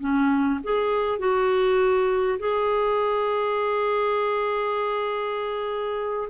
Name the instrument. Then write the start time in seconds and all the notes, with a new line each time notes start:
clarinet
0.00 C#4
0.64 G#4
1.19 F#4
2.39 G#4